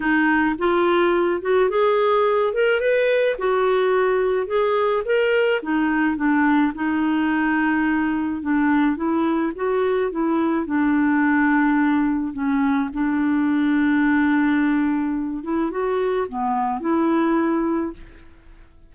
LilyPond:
\new Staff \with { instrumentName = "clarinet" } { \time 4/4 \tempo 4 = 107 dis'4 f'4. fis'8 gis'4~ | gis'8 ais'8 b'4 fis'2 | gis'4 ais'4 dis'4 d'4 | dis'2. d'4 |
e'4 fis'4 e'4 d'4~ | d'2 cis'4 d'4~ | d'2.~ d'8 e'8 | fis'4 b4 e'2 | }